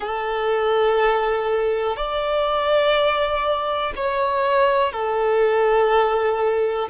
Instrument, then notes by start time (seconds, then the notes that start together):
violin
0.00 A4
1.96 D5
3.96 C#5
4.92 A4